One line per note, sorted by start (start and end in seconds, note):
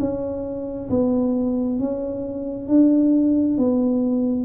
0.00 0.90 C#4
0.90 1.80 B3
1.80 2.69 C#4
2.69 3.58 D4
3.58 4.45 B3